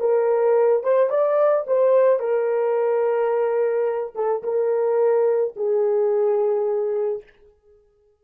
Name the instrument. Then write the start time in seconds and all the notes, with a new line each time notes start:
horn
0.00 A#4
0.83 C5
1.10 D5
1.67 C5
2.19 A#4
4.15 A4
4.43 A#4
5.56 G#4